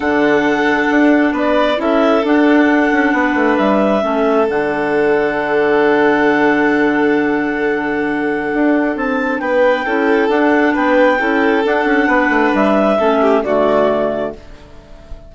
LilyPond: <<
  \new Staff \with { instrumentName = "clarinet" } { \time 4/4 \tempo 4 = 134 fis''2. d''4 | e''4 fis''2. | e''2 fis''2~ | fis''1~ |
fis''1 | a''4 g''2 fis''4 | g''2 fis''2 | e''2 d''2 | }
  \new Staff \with { instrumentName = "violin" } { \time 4/4 a'2. b'4 | a'2. b'4~ | b'4 a'2.~ | a'1~ |
a'1~ | a'4 b'4 a'2 | b'4 a'2 b'4~ | b'4 a'8 g'8 fis'2 | }
  \new Staff \with { instrumentName = "clarinet" } { \time 4/4 d'1 | e'4 d'2.~ | d'4 cis'4 d'2~ | d'1~ |
d'1~ | d'2 e'4 d'4~ | d'4 e'4 d'2~ | d'4 cis'4 a2 | }
  \new Staff \with { instrumentName = "bassoon" } { \time 4/4 d2 d'4 b4 | cis'4 d'4. cis'8 b8 a8 | g4 a4 d2~ | d1~ |
d2. d'4 | c'4 b4 cis'4 d'4 | b4 cis'4 d'8 cis'8 b8 a8 | g4 a4 d2 | }
>>